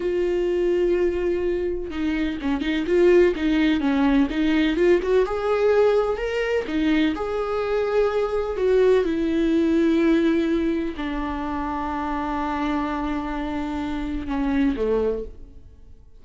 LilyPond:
\new Staff \with { instrumentName = "viola" } { \time 4/4 \tempo 4 = 126 f'1 | dis'4 cis'8 dis'8 f'4 dis'4 | cis'4 dis'4 f'8 fis'8 gis'4~ | gis'4 ais'4 dis'4 gis'4~ |
gis'2 fis'4 e'4~ | e'2. d'4~ | d'1~ | d'2 cis'4 a4 | }